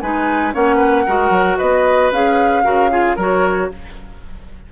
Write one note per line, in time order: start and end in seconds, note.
0.00 0.54 G#3
0.00 0.53 D#4
0.00 0.54 B4
0.00 0.53 G#5
0.53 1.07 A#3
0.53 1.05 C#4
0.53 0.76 C#5
0.53 1.58 F#5
0.76 1.02 B4
1.06 1.29 G#3
1.06 2.12 F#4
1.06 1.57 A#4
1.29 1.56 F#3
1.57 2.11 B3
1.57 2.63 B4
1.57 2.11 D#5
2.11 2.63 C#4
2.11 2.63 G#4
2.11 3.17 F5
2.63 3.17 C#3
2.63 2.89 F#4
2.63 2.90 A#4
2.90 3.16 F4
2.90 3.15 G#4
3.15 3.69 F#3
3.15 3.71 F#4
3.15 3.68 A#4
3.15 3.71 C#5